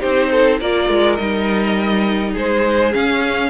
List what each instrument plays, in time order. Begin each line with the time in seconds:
0.00 cello C4, viola D#4, violin G4 C5
0.31 violin A4
0.61 cello A#3, viola F4, violin A#4 D5
0.90 cello G#3
1.16 cello G3, viola D#4, violin D#5
2.32 cello G#3, violin G#4 C5
2.92 viola C#4, cello C#4, violin F5